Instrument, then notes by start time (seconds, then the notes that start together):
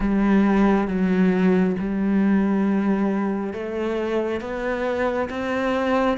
cello
0.00 G3
0.87 F#3
1.79 G3
3.53 A3
4.40 B3
5.29 C4